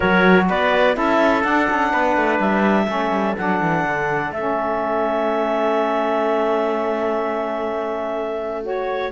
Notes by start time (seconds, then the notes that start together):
0.00 F#3 F#4 A#4 C#5
0.48 B3 B4 D5
0.93 C#4 E4 A4 E5
1.42 D4 F#5
1.69 C#4
1.92 B3 B4
2.16 A3
2.39 G3 E5
2.84 A3 C#4 A4
3.10 G3
3.37 F#3 D4 F#5
3.60 E3
3.83 D3
4.30 A3 C#4 E5
8.63 F#4 C#5